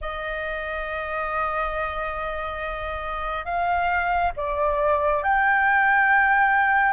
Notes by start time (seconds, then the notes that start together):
0.01 D#5
3.45 F5
4.36 D5
5.23 G5